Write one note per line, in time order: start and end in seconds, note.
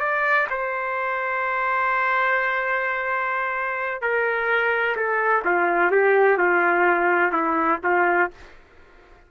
0.00 0.47 D5
0.50 4.02 C5
4.02 4.96 A#4
4.97 5.44 A4
5.45 5.92 F4
5.92 6.38 G4
6.38 7.32 F4
7.32 7.80 E4
7.84 8.31 F4